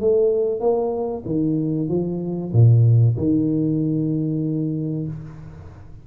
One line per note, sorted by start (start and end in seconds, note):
0.00 0.60 A3
0.60 1.23 A#3
1.25 1.88 D#3
1.88 2.51 F3
2.52 3.15 A#2
3.17 5.06 D#3